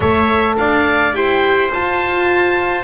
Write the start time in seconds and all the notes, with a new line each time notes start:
0.00 A3 A4 C#5 E5
0.57 D4 D5 F5
1.13 E4 G4 C5 G5
1.72 F4 A5